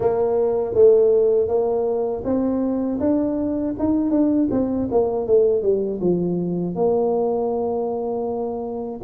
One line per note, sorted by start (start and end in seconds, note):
0.00 0.74 A#3
0.74 1.48 A3
1.48 2.23 A#3
2.24 2.99 C4
3.00 3.75 D4
3.79 4.10 D#4
4.10 4.48 D4
4.50 4.88 C4
4.91 5.27 A#3
5.27 5.62 A3
5.62 6.00 G3
6.00 6.75 F3
6.75 9.00 A#3